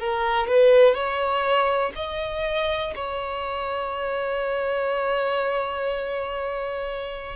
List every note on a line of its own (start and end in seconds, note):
0.00 0.47 A#4
0.47 0.94 B4
0.94 1.93 C#5
1.96 2.94 D#5
2.95 7.36 C#5